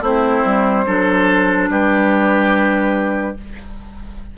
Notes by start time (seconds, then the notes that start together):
0.00 A3 C4 E4 C5
0.44 G3
0.86 F#3 D4 A4
1.69 G3 G4 B4